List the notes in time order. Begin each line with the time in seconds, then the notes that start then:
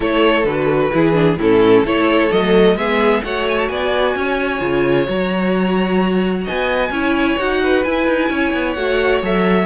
0.00 A3 E4 A4 C#5
0.44 D3 F#4 B4
0.92 E3 E4 G#4
1.13 D4
1.37 A2 C#4 E4 A4
1.84 A3 E4 A4 C#5
2.30 F#3 A3 D#5
2.75 G#3 B3 G#4 E5
3.23 A3 F#4 C#5 F#5
3.48 G#5
3.58 A5
3.68 B3 D5 G#5
4.15 C#4 C#5
4.59 C#3 F4
5.07 F#3 F#4 A#5
6.44 B3 D#5 G#5
6.89 C#4 E4 C#5
7.38 D#4 F#4 F#5
7.62 B4
7.84 E4 G#5
8.06 D#4
8.29 C#4 C#5
8.53 B3
8.73 A3 F#4 F#5
9.22 F#3 A4 E5